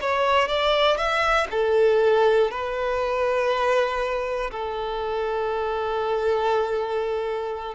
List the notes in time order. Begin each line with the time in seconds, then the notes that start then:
0.00 C#5
0.48 D5
0.97 E5
1.50 A4
2.50 B4
4.50 A4